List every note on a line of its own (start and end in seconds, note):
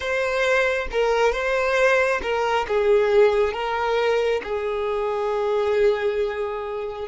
0.00 0.87 C5
0.91 1.32 A#4
1.32 2.20 C5
2.22 2.66 A#4
2.68 3.53 G#4
3.53 4.41 A#4
4.43 7.07 G#4